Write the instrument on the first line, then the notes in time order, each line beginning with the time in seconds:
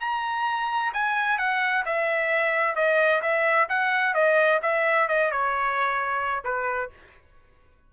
trumpet
0.00 A#5
0.93 G#5
1.38 F#5
1.85 E5
2.75 D#5
3.22 E5
3.69 F#5
4.14 D#5
4.62 E5
5.08 D#5
5.31 C#5
6.44 B4